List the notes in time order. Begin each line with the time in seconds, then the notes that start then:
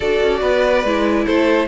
0.00 D4 F#4 A4 D5
0.22 C#4
0.41 B3 B4
0.84 G#3 E4
1.26 A3 A4 C5